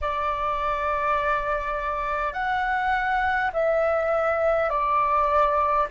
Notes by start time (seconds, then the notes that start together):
0.01 D5
2.33 F#5
3.53 E5
4.69 D5